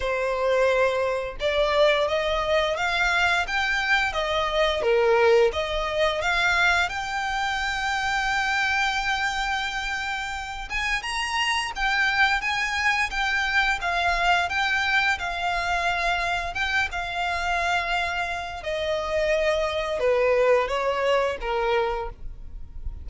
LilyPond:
\new Staff \with { instrumentName = "violin" } { \time 4/4 \tempo 4 = 87 c''2 d''4 dis''4 | f''4 g''4 dis''4 ais'4 | dis''4 f''4 g''2~ | g''2.~ g''8 gis''8 |
ais''4 g''4 gis''4 g''4 | f''4 g''4 f''2 | g''8 f''2~ f''8 dis''4~ | dis''4 b'4 cis''4 ais'4 | }